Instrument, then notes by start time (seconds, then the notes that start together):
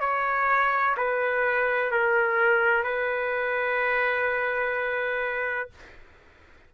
trumpet
0.00 C#5
0.97 B4
1.91 A#4
2.84 B4